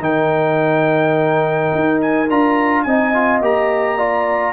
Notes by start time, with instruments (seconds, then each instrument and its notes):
0.00 tuba D#3, trombone D#4, horn A#4, trumpet G5
1.75 tuba D#4
2.01 trumpet G#5
2.29 tuba D4, trombone F4, trumpet A#5
2.83 tuba C4, trombone D#4, horn D#5, trumpet G#5
3.14 trombone F4
3.41 tuba A#3, trombone G4, trumpet A#5
3.97 trombone F4, horn D5